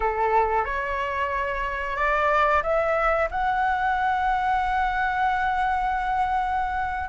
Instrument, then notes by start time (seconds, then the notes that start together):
flute
0.00 A4
0.64 C#5
1.96 D5
2.63 E5
3.31 F#5